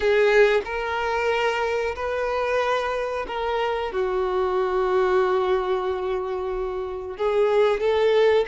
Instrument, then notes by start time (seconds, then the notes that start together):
violin
0.00 G#4
0.65 A#4
1.95 B4
3.27 A#4
3.91 F#4
7.17 G#4
7.80 A4